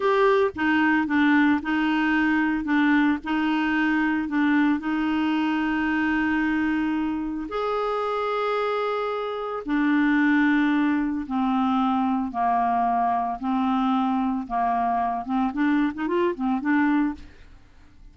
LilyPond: \new Staff \with { instrumentName = "clarinet" } { \time 4/4 \tempo 4 = 112 g'4 dis'4 d'4 dis'4~ | dis'4 d'4 dis'2 | d'4 dis'2.~ | dis'2 gis'2~ |
gis'2 d'2~ | d'4 c'2 ais4~ | ais4 c'2 ais4~ | ais8 c'8 d'8. dis'16 f'8 c'8 d'4 | }